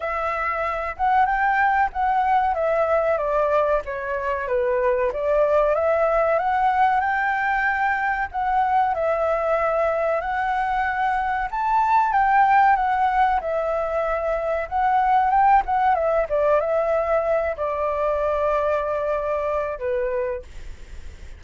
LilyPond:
\new Staff \with { instrumentName = "flute" } { \time 4/4 \tempo 4 = 94 e''4. fis''8 g''4 fis''4 | e''4 d''4 cis''4 b'4 | d''4 e''4 fis''4 g''4~ | g''4 fis''4 e''2 |
fis''2 a''4 g''4 | fis''4 e''2 fis''4 | g''8 fis''8 e''8 d''8 e''4. d''8~ | d''2. b'4 | }